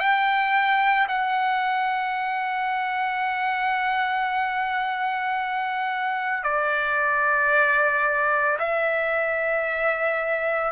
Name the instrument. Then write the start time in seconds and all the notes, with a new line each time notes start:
trumpet
0.00 G5
1.08 F#5
6.44 D5
8.59 E5